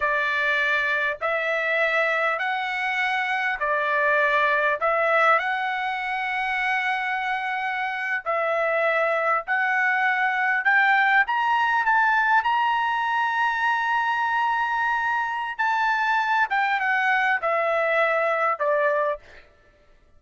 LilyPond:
\new Staff \with { instrumentName = "trumpet" } { \time 4/4 \tempo 4 = 100 d''2 e''2 | fis''2 d''2 | e''4 fis''2.~ | fis''4.~ fis''16 e''2 fis''16~ |
fis''4.~ fis''16 g''4 ais''4 a''16~ | a''8. ais''2.~ ais''16~ | ais''2 a''4. g''8 | fis''4 e''2 d''4 | }